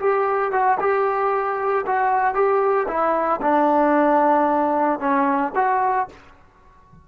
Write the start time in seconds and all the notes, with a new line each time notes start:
0.00 G4
0.52 F#4
0.80 G4
1.86 F#4
2.34 G4
2.88 E4
3.41 D4
5.00 C#4
5.55 F#4